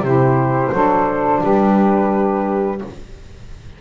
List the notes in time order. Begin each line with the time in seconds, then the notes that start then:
0.00 C3 E4 G4 C5
0.72 F#3 D4 A4
1.41 G3 G4 B4